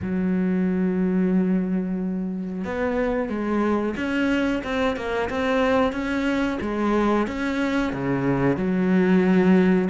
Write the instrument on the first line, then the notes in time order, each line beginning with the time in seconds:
cello
0.02 F#3
2.64 B3
3.29 G#3
3.97 C#4
4.63 C4
4.96 A#3
5.29 C4
5.92 C#4
6.61 G#3
7.27 C#4
7.92 C#3
8.57 F#3